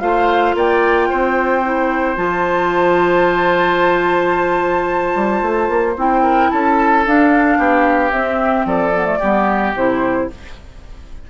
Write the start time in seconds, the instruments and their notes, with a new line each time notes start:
0.00 bassoon A3, clarinet F4, oboe C5, flute F5
0.55 bassoon A#3, oboe D5, flute G5
1.09 bassoon C4, oboe C5
1.64 clarinet E4
2.16 bassoon F3, clarinet F4, flute A5
5.15 bassoon G3
5.42 bassoon A3
5.69 bassoon A#3
5.96 bassoon C4, clarinet E4, flute G5
6.23 oboe A#4
6.50 bassoon C#4, oboe A4, flute A5
7.05 clarinet D4, bassoon D4, flute F5
7.58 bassoon B3, oboe G4
8.11 bassoon C4, clarinet C4, flute E5
8.65 bassoon F3, oboe A4, flute D5
8.94 clarinet B3
9.05 clarinet A3
9.19 bassoon G3, clarinet B3, oboe G4
9.75 bassoon C3, clarinet E4, flute C5